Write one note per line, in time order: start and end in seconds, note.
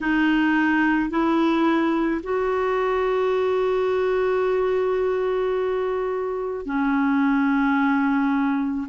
0.00 1.10 D#4
1.10 2.21 E4
2.23 6.65 F#4
6.65 8.87 C#4